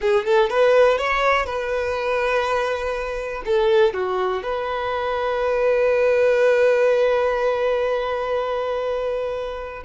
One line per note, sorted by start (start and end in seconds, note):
0.00 0.25 G#4
0.25 0.49 A4
0.49 0.97 B4
0.97 1.46 C#5
1.46 3.42 B4
3.45 3.93 A4
3.93 4.42 F#4
4.42 9.83 B4